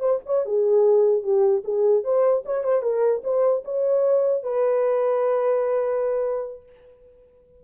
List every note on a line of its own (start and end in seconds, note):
0.00 0.20 C5
0.26 0.46 C#5
0.46 1.23 G#4
1.23 1.63 G4
1.65 2.04 G#4
2.04 2.44 C5
2.46 2.64 C#5
2.64 2.82 C5
2.82 3.22 A#4
3.24 3.64 C5
3.65 4.43 C#5
4.43 6.63 B4